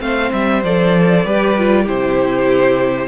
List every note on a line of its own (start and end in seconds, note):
0.00 0.31 A3
0.00 0.62 C4
0.00 1.26 C5
0.00 0.32 F5
0.32 0.64 G3
0.32 0.63 E5
0.64 1.25 F3
0.64 1.26 A4
0.64 1.88 D5
1.25 1.87 G3
1.25 1.57 G4
1.25 1.83 B4
1.59 1.85 F4
1.83 3.08 C3
1.83 3.08 E4
1.83 3.07 G4
1.83 3.08 C5